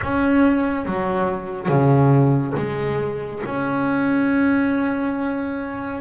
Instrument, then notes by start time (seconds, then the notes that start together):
double bass
0.03 C#4
0.85 F#3
1.68 C#3
2.56 G#3
3.45 C#4